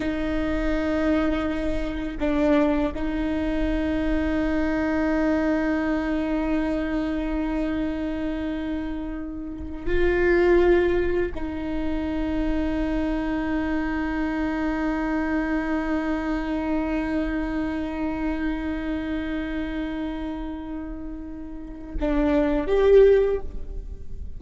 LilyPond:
\new Staff \with { instrumentName = "viola" } { \time 4/4 \tempo 4 = 82 dis'2. d'4 | dis'1~ | dis'1~ | dis'4. f'2 dis'8~ |
dis'1~ | dis'1~ | dis'1~ | dis'2 d'4 g'4 | }